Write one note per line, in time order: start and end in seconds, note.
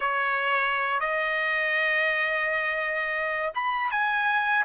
0.00 1.00 C#5
1.00 3.52 D#5
3.54 3.91 B5
3.91 4.65 G#5